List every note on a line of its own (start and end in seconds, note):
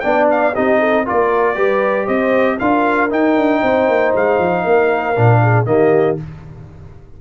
0.00 0.56 B3
0.00 0.54 D4
0.00 0.54 D5
0.00 0.26 G5
0.31 0.55 F5
0.54 1.08 C4
0.54 1.06 D#4
0.54 0.79 G4
0.54 1.07 D#5
0.79 1.05 A4
1.05 1.57 A#3
1.05 1.55 F4
1.05 1.56 A#4
1.05 2.07 D5
1.55 2.08 G3
1.55 2.58 G4
1.55 2.06 B4
2.06 2.60 C4
2.06 2.57 C5
2.06 2.58 D#5
2.59 3.11 D4
2.59 3.10 F4
2.59 3.62 A#4
2.59 3.10 F5
3.10 5.15 D#4
3.10 3.36 D#4
3.10 4.15 G5
3.36 3.62 D4
3.62 3.88 C4
3.62 4.64 C5
3.88 4.14 A#3
4.16 4.39 G#3
4.16 5.66 F5
4.39 4.64 F3
4.64 5.17 A#3
4.64 5.41 A#4
5.16 5.66 A#2
5.16 5.66 D4
5.43 5.68 G#4
5.66 6.18 D#3
5.66 6.17 A#3
5.66 6.21 G4
5.66 6.17 D#5